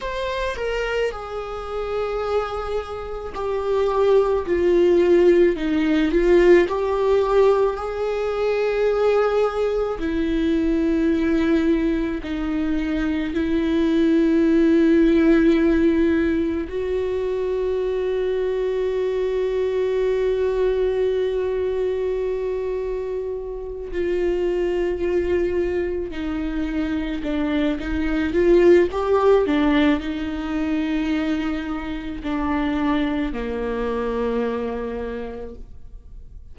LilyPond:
\new Staff \with { instrumentName = "viola" } { \time 4/4 \tempo 4 = 54 c''8 ais'8 gis'2 g'4 | f'4 dis'8 f'8 g'4 gis'4~ | gis'4 e'2 dis'4 | e'2. fis'4~ |
fis'1~ | fis'4. f'2 dis'8~ | dis'8 d'8 dis'8 f'8 g'8 d'8 dis'4~ | dis'4 d'4 ais2 | }